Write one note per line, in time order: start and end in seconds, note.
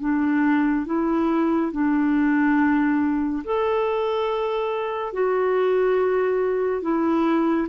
0.00 0.86 D4
0.86 1.72 E4
1.72 3.43 D4
3.44 5.13 A4
5.13 6.82 F#4
6.82 7.68 E4